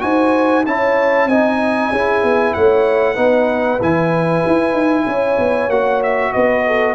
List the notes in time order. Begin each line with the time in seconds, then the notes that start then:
0.00 D#4 F#4 C5 G#5
0.66 C#4 E4 C#5 A5
1.26 C4 D#4 D#5 G#5
1.91 C#4 E4 G#4
2.24 B3
2.54 A3 C#5 F#5
3.14 B3 D#4 B4
3.80 E3 E4 G#5
4.47 E4
4.73 D#4
5.06 C#4 C#5
5.38 B3
5.68 A#3 F#4 F#5
6.03 E5
6.33 B3 B4 D#5
6.67 A4